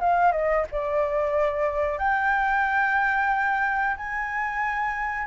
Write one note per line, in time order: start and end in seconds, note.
0.00 0.32 F5
0.32 0.65 D#5
0.72 1.99 D5
1.99 3.97 G5
3.97 5.27 G#5